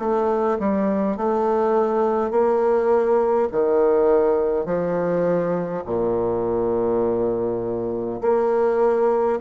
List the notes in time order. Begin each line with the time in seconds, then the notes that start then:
0.00 A3
0.60 G3
1.18 A3
2.32 A#3
3.52 D#3
4.66 F3
5.86 A#2
8.22 A#3